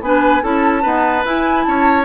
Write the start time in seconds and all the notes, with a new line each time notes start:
0.00 B3 D4 B4 G#5
0.42 C#4 E4 A4 A5
0.82 B3 D#4 B4
1.24 E4 G#5
1.63 C#4 C#5 A5